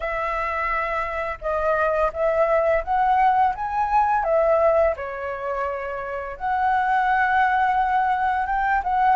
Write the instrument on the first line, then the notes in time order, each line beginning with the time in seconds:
flute
0.00 E5
1.41 D#5
2.13 E5
2.84 F#5
3.55 G#5
4.24 E5
4.96 C#5
6.37 F#5
8.46 G5
8.83 F#5